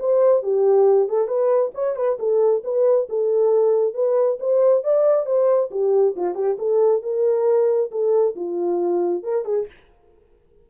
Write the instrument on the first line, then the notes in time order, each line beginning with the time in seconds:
horn
0.00 C5
0.43 G4
1.09 A4
1.28 B4
1.74 C#5
1.96 B4
2.20 A4
2.64 B4
3.10 A4
3.94 B4
4.40 C5
4.84 D5
5.26 C5
5.71 G4
6.16 F4
6.35 G4
6.58 A4
7.02 A#4
7.92 A4
8.36 F4
9.23 A#4
9.45 G#4